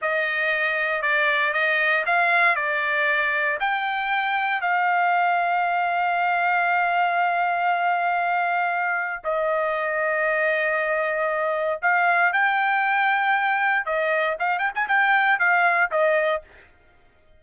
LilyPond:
\new Staff \with { instrumentName = "trumpet" } { \time 4/4 \tempo 4 = 117 dis''2 d''4 dis''4 | f''4 d''2 g''4~ | g''4 f''2.~ | f''1~ |
f''2 dis''2~ | dis''2. f''4 | g''2. dis''4 | f''8 g''16 gis''16 g''4 f''4 dis''4 | }